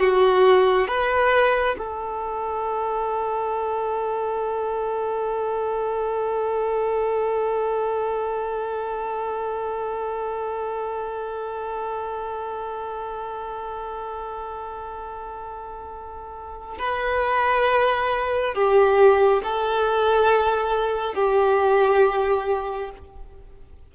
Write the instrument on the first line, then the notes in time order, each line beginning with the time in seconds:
violin
0.00 F#4
0.88 B4
1.78 A4
16.79 B4
18.55 G4
19.44 A4
21.15 G4